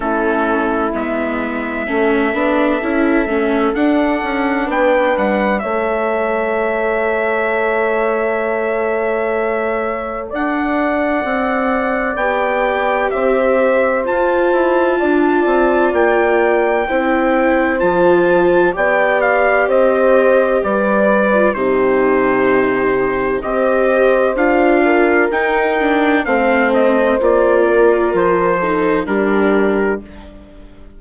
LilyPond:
<<
  \new Staff \with { instrumentName = "trumpet" } { \time 4/4 \tempo 4 = 64 a'4 e''2. | fis''4 g''8 fis''8 e''2~ | e''2. fis''4~ | fis''4 g''4 e''4 a''4~ |
a''4 g''2 a''4 | g''8 f''8 dis''4 d''4 c''4~ | c''4 dis''4 f''4 g''4 | f''8 dis''8 d''4 c''4 ais'4 | }
  \new Staff \with { instrumentName = "horn" } { \time 4/4 e'2 a'2~ | a'4 b'4 cis''2~ | cis''2. d''4~ | d''2 c''2 |
d''2 c''2 | d''4 c''4 b'4 g'4~ | g'4 c''4. ais'4. | c''4. ais'4 a'8 g'4 | }
  \new Staff \with { instrumentName = "viola" } { \time 4/4 cis'4 b4 cis'8 d'8 e'8 cis'8 | d'2 a'2~ | a'1~ | a'4 g'2 f'4~ |
f'2 e'4 f'4 | g'2~ g'8. f'16 dis'4~ | dis'4 g'4 f'4 dis'8 d'8 | c'4 f'4. dis'8 d'4 | }
  \new Staff \with { instrumentName = "bassoon" } { \time 4/4 a4 gis4 a8 b8 cis'8 a8 | d'8 cis'8 b8 g8 a2~ | a2. d'4 | c'4 b4 c'4 f'8 e'8 |
d'8 c'8 ais4 c'4 f4 | b4 c'4 g4 c4~ | c4 c'4 d'4 dis'4 | a4 ais4 f4 g4 | }
>>